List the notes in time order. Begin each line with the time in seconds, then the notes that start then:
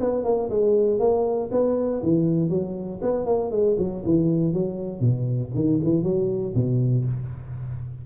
0.00 B3
0.24 A#3
0.50 G#3
0.99 A#3
1.51 B3
2.03 E3
2.50 F#3
3.02 B3
3.25 A#3
3.51 G#3
3.78 F#3
4.05 E3
4.53 F#3
5.00 B2
5.55 D#3
5.83 E3
6.03 F#3
6.55 B2